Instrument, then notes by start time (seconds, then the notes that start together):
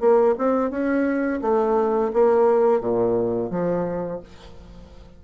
bassoon
0.00 A#3
0.38 C4
0.70 C#4
1.42 A3
2.13 A#3
2.80 A#2
3.50 F3